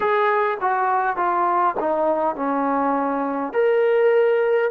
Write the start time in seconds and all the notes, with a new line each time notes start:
0.00 G#4
0.60 F#4
1.16 F4
1.79 D#4
2.35 C#4
3.53 A#4